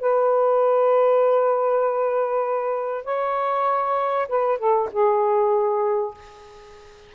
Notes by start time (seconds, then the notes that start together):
0.00 B4
3.05 C#5
4.29 B4
4.59 A4
4.92 G#4